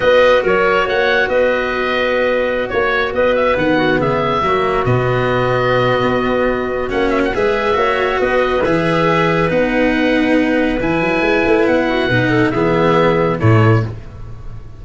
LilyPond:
<<
  \new Staff \with { instrumentName = "oboe" } { \time 4/4 \tempo 4 = 139 dis''4 cis''4 fis''4 dis''4~ | dis''2~ dis''16 cis''4 dis''8 e''16~ | e''16 fis''4 e''2 dis''8.~ | dis''1 |
fis''8 e''16 fis''16 e''2 dis''4 | e''2 fis''2~ | fis''4 gis''2 fis''4~ | fis''4 e''2 cis''4 | }
  \new Staff \with { instrumentName = "clarinet" } { \time 4/4 b'4 ais'4 cis''4 b'4~ | b'2~ b'16 cis''4 b'8.~ | b'8. fis'8 gis'4 fis'4.~ fis'16~ | fis'1~ |
fis'4 b'4 cis''4 b'4~ | b'1~ | b'2.~ b'8 fis'8 | b'8 a'8 gis'2 e'4 | }
  \new Staff \with { instrumentName = "cello" } { \time 4/4 fis'1~ | fis'1~ | fis'16 b2 ais4 b8.~ | b1 |
cis'4 gis'4 fis'2 | gis'2 dis'2~ | dis'4 e'2. | dis'4 b2 a4 | }
  \new Staff \with { instrumentName = "tuba" } { \time 4/4 b4 fis4 ais4 b4~ | b2~ b16 ais4 b8.~ | b16 dis4 cis4 fis4 b,8.~ | b,2 b2 |
ais4 gis4 ais4 b4 | e2 b2~ | b4 e8 fis8 gis8 a8 b4 | b,4 e2 a,4 | }
>>